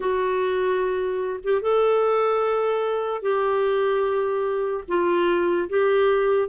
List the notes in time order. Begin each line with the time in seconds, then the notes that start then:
0.00 F#4
1.43 G4
1.61 A4
3.22 G4
4.88 F4
5.69 G4